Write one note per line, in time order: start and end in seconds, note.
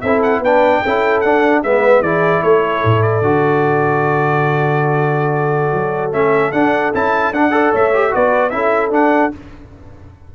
0.00 0.39 C4
0.00 0.45 E4
0.00 0.41 A4
0.00 0.20 E5
0.22 0.42 F#5
0.39 0.79 B3
0.39 0.85 D4
0.39 0.81 B4
0.39 1.20 G5
0.82 1.23 C#4
0.82 1.24 E4
0.82 1.62 A4
1.20 1.63 D4
1.20 1.64 D4
1.20 1.60 F#5
1.63 2.01 G#3
1.63 2.04 B3
1.63 2.03 B4
1.63 2.02 E5
2.01 2.41 E3
2.01 3.23 E4
2.01 2.43 G#4
2.01 2.42 D5
2.42 2.83 A3
2.42 7.53 A4
2.42 3.02 C#5
2.84 3.21 A2
3.02 6.12 D5
3.21 5.71 D3
3.21 6.12 F#4
5.73 6.12 F#3
6.12 6.52 A3
6.12 6.52 C#4
6.12 6.51 E5
6.51 6.92 D4
6.51 6.93 D4
6.51 6.91 F#5
6.93 7.31 C#4
6.93 7.33 E4
6.93 7.33 A5
7.31 7.71 D4
7.31 7.50 D4
7.31 7.73 F#5
7.50 7.90 A4
7.50 7.72 D5
7.72 8.14 A3
7.72 8.12 C#5
7.72 8.14 E5
7.93 8.10 G4
8.10 8.52 B3
8.10 8.50 F#4
8.10 8.54 B4
8.10 8.49 D5
8.49 8.90 C#4
8.49 8.91 E4
8.49 9.34 A4
8.49 8.89 E5
8.90 9.29 D4
8.90 9.30 D4
8.90 9.33 F#5